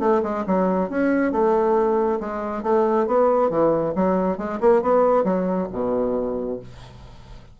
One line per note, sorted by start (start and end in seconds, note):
0.00 0.22 A3
0.23 0.45 G#3
0.47 0.90 F#3
0.90 1.32 C#4
1.32 2.20 A3
2.20 2.63 G#3
2.63 3.07 A3
3.07 3.50 B3
3.50 3.94 E3
3.96 4.38 F#3
4.38 4.60 G#3
4.61 4.82 A#3
4.82 5.24 B3
5.24 5.68 F#3
5.72 6.60 B2